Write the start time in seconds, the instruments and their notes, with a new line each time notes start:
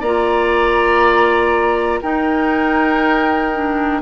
0.00 bassoon A#3, clarinet F4, oboe D5, flute A#5
2.01 clarinet D#4, bassoon D#4, oboe A#4, flute G5
3.53 clarinet D4